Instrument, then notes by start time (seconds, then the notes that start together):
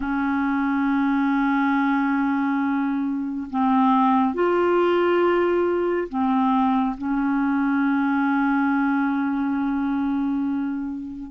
clarinet
0.00 C#4
3.50 C4
4.34 F4
6.09 C4
6.97 C#4